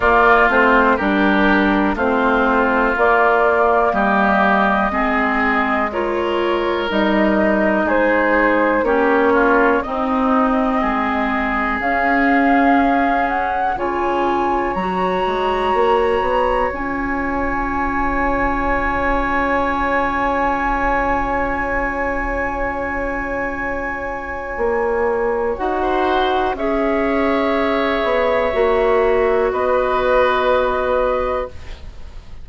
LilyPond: <<
  \new Staff \with { instrumentName = "flute" } { \time 4/4 \tempo 4 = 61 d''8 c''8 ais'4 c''4 d''4 | dis''2 cis''4 dis''4 | c''4 cis''4 dis''2 | f''4. fis''8 gis''4 ais''4~ |
ais''4 gis''2.~ | gis''1~ | gis''2 fis''4 e''4~ | e''2 dis''2 | }
  \new Staff \with { instrumentName = "oboe" } { \time 4/4 f'4 g'4 f'2 | g'4 gis'4 ais'2 | gis'4 g'8 f'8 dis'4 gis'4~ | gis'2 cis''2~ |
cis''1~ | cis''1~ | cis''2~ cis''16 c''8. cis''4~ | cis''2 b'2 | }
  \new Staff \with { instrumentName = "clarinet" } { \time 4/4 ais8 c'8 d'4 c'4 ais4~ | ais4 c'4 f'4 dis'4~ | dis'4 cis'4 c'2 | cis'2 f'4 fis'4~ |
fis'4 f'2.~ | f'1~ | f'2 fis'4 gis'4~ | gis'4 fis'2. | }
  \new Staff \with { instrumentName = "bassoon" } { \time 4/4 ais8 a8 g4 a4 ais4 | g4 gis2 g4 | gis4 ais4 c'4 gis4 | cis'2 cis4 fis8 gis8 |
ais8 b8 cis'2.~ | cis'1~ | cis'4 ais4 dis'4 cis'4~ | cis'8 b8 ais4 b2 | }
>>